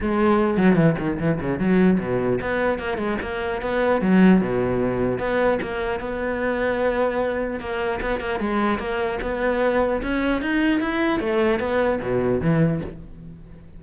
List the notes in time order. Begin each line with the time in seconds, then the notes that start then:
0.00 G#3
0.57 F#3
0.75 E3
0.99 D#3
1.19 E3
1.40 C#3
1.59 F#3
1.99 B2
2.41 B3
2.78 A#3
2.97 G#3
3.21 A#3
3.61 B3
4.01 F#3
4.41 B2
5.18 B3
5.61 A#3
6.00 B3
7.60 A#3
8.01 B3
8.20 A#3
8.39 G#3
8.78 A#3
9.22 B3
10.02 C#4
10.41 D#4
10.80 E4
11.19 A3
11.59 B3
12.01 B2
12.41 E3